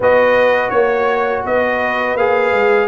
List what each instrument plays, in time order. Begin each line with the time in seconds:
0.00 tuba B3, trombone F#4, horn B4, trumpet D#5
0.70 tuba A#3, trumpet C#5, horn C#5
1.45 tuba B3, horn B4, trumpet D#5
2.15 tuba A#3, trombone G#4, trumpet F5
2.51 tuba G#3